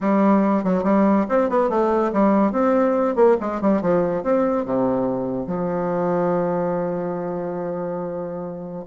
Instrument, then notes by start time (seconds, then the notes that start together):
bassoon
0.00 G3
0.64 F#3
0.83 G3
1.28 C4
1.49 B3
1.69 A3
2.12 G3
2.52 C4
3.15 A#3
3.40 G#3
3.61 G3
3.81 F3
4.23 C4
4.65 C3
5.46 F3